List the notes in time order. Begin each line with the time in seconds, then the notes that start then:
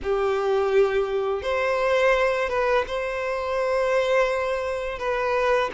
0.02 G4
1.42 C5
2.49 B4
2.87 C5
4.98 B4